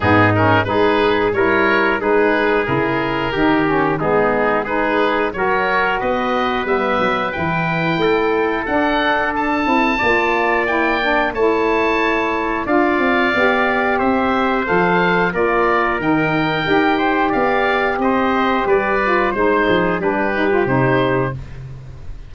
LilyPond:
<<
  \new Staff \with { instrumentName = "oboe" } { \time 4/4 \tempo 4 = 90 gis'8 ais'8 b'4 cis''4 b'4 | ais'2 gis'4 b'4 | cis''4 dis''4 e''4 g''4~ | g''4 fis''4 a''2 |
g''4 a''2 f''4~ | f''4 e''4 f''4 d''4 | g''2 f''4 dis''4 | d''4 c''4 b'4 c''4 | }
  \new Staff \with { instrumentName = "trumpet" } { \time 4/4 dis'4 gis'4 ais'4 gis'4~ | gis'4 g'4 dis'4 gis'4 | ais'4 b'2. | a'2. d''4~ |
d''4 cis''2 d''4~ | d''4 c''2 ais'4~ | ais'4. c''8 d''4 c''4 | b'4 c''8 gis'8 g'2 | }
  \new Staff \with { instrumentName = "saxophone" } { \time 4/4 b8 cis'8 dis'4 e'4 dis'4 | e'4 dis'8 cis'8 b4 dis'4 | fis'2 b4 e'4~ | e'4 d'4. e'8 f'4 |
e'8 d'8 e'2 f'4 | g'2 a'4 f'4 | dis'4 g'2.~ | g'8 f'8 dis'4 d'8 dis'16 f'16 dis'4 | }
  \new Staff \with { instrumentName = "tuba" } { \time 4/4 gis,4 gis4 g4 gis4 | cis4 dis4 gis2 | fis4 b4 g8 fis8 e4 | a4 d'4. c'8 ais4~ |
ais4 a2 d'8 c'8 | b4 c'4 f4 ais4 | dis4 dis'4 b4 c'4 | g4 gis8 f8 g4 c4 | }
>>